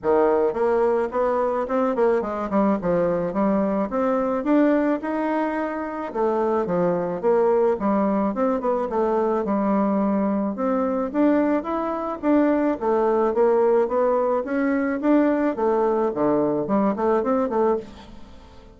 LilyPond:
\new Staff \with { instrumentName = "bassoon" } { \time 4/4 \tempo 4 = 108 dis4 ais4 b4 c'8 ais8 | gis8 g8 f4 g4 c'4 | d'4 dis'2 a4 | f4 ais4 g4 c'8 b8 |
a4 g2 c'4 | d'4 e'4 d'4 a4 | ais4 b4 cis'4 d'4 | a4 d4 g8 a8 c'8 a8 | }